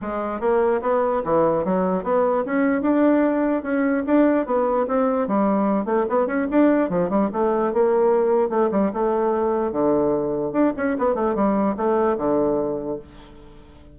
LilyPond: \new Staff \with { instrumentName = "bassoon" } { \time 4/4 \tempo 4 = 148 gis4 ais4 b4 e4 | fis4 b4 cis'4 d'4~ | d'4 cis'4 d'4 b4 | c'4 g4. a8 b8 cis'8 |
d'4 f8 g8 a4 ais4~ | ais4 a8 g8 a2 | d2 d'8 cis'8 b8 a8 | g4 a4 d2 | }